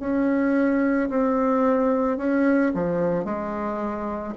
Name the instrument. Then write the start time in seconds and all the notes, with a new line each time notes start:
bassoon
0.00 C#4
1.10 C4
2.18 C#4
2.74 F3
3.25 G#3